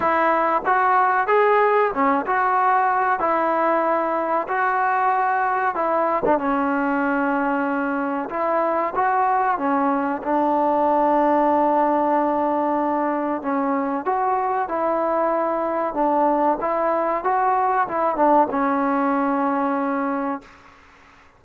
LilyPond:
\new Staff \with { instrumentName = "trombone" } { \time 4/4 \tempo 4 = 94 e'4 fis'4 gis'4 cis'8 fis'8~ | fis'4 e'2 fis'4~ | fis'4 e'8. d'16 cis'2~ | cis'4 e'4 fis'4 cis'4 |
d'1~ | d'4 cis'4 fis'4 e'4~ | e'4 d'4 e'4 fis'4 | e'8 d'8 cis'2. | }